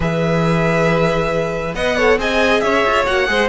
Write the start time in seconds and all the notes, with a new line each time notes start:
0.00 E3 G#4 B4 E5
1.74 B3 B4 D#5 F#5
1.97 A4 C#5
2.18 C4 G#4 D#5 G#5
2.60 C#4 C#5 E5
2.85 F4
3.06 A#3 F#4 F#5
3.26 G#3 G#4 C5